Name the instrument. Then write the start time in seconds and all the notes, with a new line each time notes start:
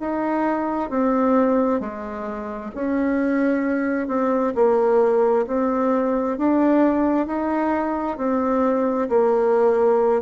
bassoon
0.00 D#4
0.90 C4
1.80 G#3
2.75 C#4
4.08 C4
4.55 A#3
5.47 C4
6.38 D4
7.27 D#4
8.18 C4
9.09 A#3